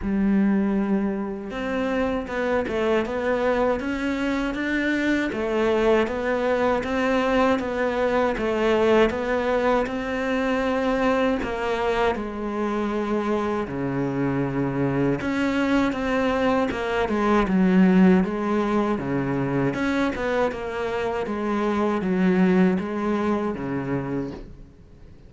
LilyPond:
\new Staff \with { instrumentName = "cello" } { \time 4/4 \tempo 4 = 79 g2 c'4 b8 a8 | b4 cis'4 d'4 a4 | b4 c'4 b4 a4 | b4 c'2 ais4 |
gis2 cis2 | cis'4 c'4 ais8 gis8 fis4 | gis4 cis4 cis'8 b8 ais4 | gis4 fis4 gis4 cis4 | }